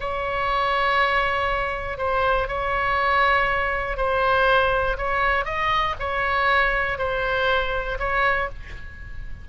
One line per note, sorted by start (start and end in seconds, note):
0.00 1.98 C#5
1.98 2.48 C5
2.48 3.97 C#5
3.97 4.97 C5
4.97 5.45 C#5
5.45 5.95 D#5
6.00 6.98 C#5
6.98 7.98 C5
7.99 8.49 C#5